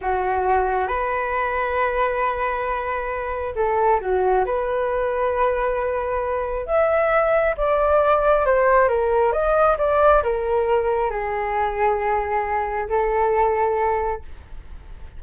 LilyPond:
\new Staff \with { instrumentName = "flute" } { \time 4/4 \tempo 4 = 135 fis'2 b'2~ | b'1 | a'4 fis'4 b'2~ | b'2. e''4~ |
e''4 d''2 c''4 | ais'4 dis''4 d''4 ais'4~ | ais'4 gis'2.~ | gis'4 a'2. | }